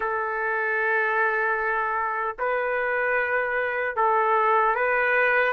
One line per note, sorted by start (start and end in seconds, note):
0.00 2.36 A4
2.38 3.96 B4
3.96 4.75 A4
4.75 5.52 B4